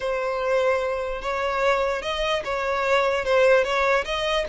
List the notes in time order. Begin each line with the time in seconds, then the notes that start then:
0.00 C5
1.21 C#5
2.02 D#5
2.44 C#5
3.25 C5
3.63 C#5
4.04 D#5